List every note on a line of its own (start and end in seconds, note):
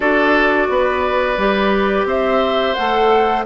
0.00 0.69 D4
0.00 1.36 F#4
0.00 0.67 A4
0.00 2.06 D5
0.69 1.37 B3
0.69 2.07 B4
1.37 2.04 G3
1.37 2.76 G4
2.04 2.73 C4
2.04 3.45 C5
2.04 2.74 E5
2.74 3.45 A3
2.74 3.45 A4
2.74 3.43 F#5